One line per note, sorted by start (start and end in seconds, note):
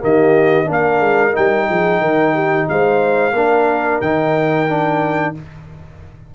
0.00 0.69 D#3
0.00 0.65 A#3
0.00 0.67 G4
0.00 0.71 D#5
0.65 1.00 A#3
0.65 1.32 D4
0.65 1.67 A#4
0.73 1.36 F5
1.00 1.33 G#3
1.32 1.70 G3
1.32 3.32 D#4
1.32 2.69 G5
1.69 2.01 F3
1.69 2.01 G#4
2.01 2.67 D#3
2.01 2.34 A#4
2.34 2.67 G4
2.69 3.33 G#3
2.69 3.34 C5
2.69 4.01 F5
3.33 4.00 A#3
3.33 4.03 D4
3.33 5.34 A#4
4.01 5.35 D#3
4.01 4.68 D#4
4.01 5.34 G5
4.68 5.35 D4